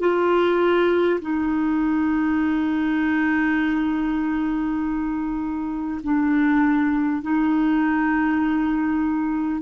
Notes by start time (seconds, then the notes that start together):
0.00 F4
1.22 D#4
6.04 D4
7.22 D#4